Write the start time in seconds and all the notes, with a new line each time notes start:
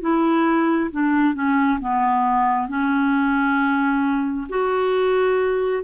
0.00 E4
0.91 D4
1.34 C#4
1.80 B3
2.68 C#4
4.49 F#4